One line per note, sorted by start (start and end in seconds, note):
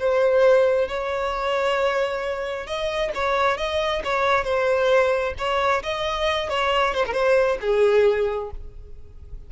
0.00 0.89 C5
0.89 2.67 C#5
2.67 3.12 D#5
3.15 3.58 C#5
3.58 4.03 D#5
4.05 4.45 C#5
4.45 5.34 C5
5.39 5.83 C#5
5.83 6.50 D#5
6.50 6.95 C#5
6.95 7.06 C5
7.07 7.14 A#4
7.14 7.58 C5
7.62 8.51 G#4